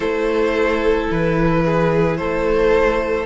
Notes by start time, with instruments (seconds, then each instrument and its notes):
0.00 cello A3, viola E4, violin A4 C5
1.10 cello E3, violin B4
1.65 violin G#4
2.16 cello A3, violin A4 C5